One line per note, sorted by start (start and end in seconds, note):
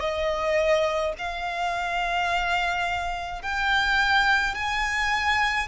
0.00 1.13 D#5
1.18 3.43 F5
3.43 4.55 G5
4.55 5.68 G#5